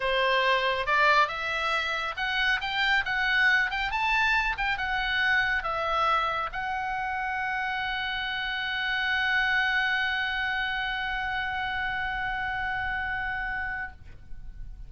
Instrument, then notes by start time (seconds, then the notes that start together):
oboe
0.00 C5
0.86 D5
1.28 E5
2.16 F#5
2.60 G5
3.05 F#5
3.70 G5
3.91 A5
4.57 G5
4.77 F#5
5.63 E5
6.52 F#5